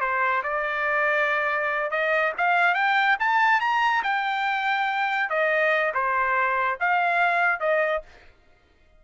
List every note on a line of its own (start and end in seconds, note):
0.00 0.42 C5
0.43 1.90 D5
1.90 2.33 D#5
2.37 2.74 F5
2.74 3.16 G5
3.19 3.60 A5
3.60 4.02 A#5
4.03 5.29 G5
5.29 5.93 D#5
5.93 6.78 C5
6.80 7.60 F5
7.60 8.02 D#5